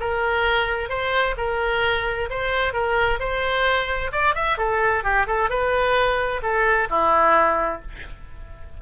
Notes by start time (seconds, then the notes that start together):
0.00 A#4
0.89 C5
1.37 A#4
2.30 C5
2.73 A#4
3.20 C5
4.12 D5
4.35 E5
4.58 A4
5.04 G4
5.27 A4
5.50 B4
6.42 A4
6.90 E4